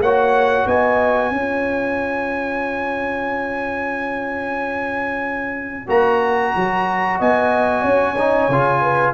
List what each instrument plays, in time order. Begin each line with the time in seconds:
0.00 tuba A#3, trombone F#4, horn C#5, trumpet F#5
0.66 tuba B3, horn D#5, trumpet G#5
1.31 tuba C#4, trombone F4, horn C#5
5.87 tuba A#3, trombone F#4, trumpet A#5
6.56 tuba F#3
7.19 tuba B3, horn D#5, trumpet G#5
7.82 tuba C#4, horn C#5
8.18 trombone D#4
8.49 tuba C#3, trombone F4
8.81 horn B4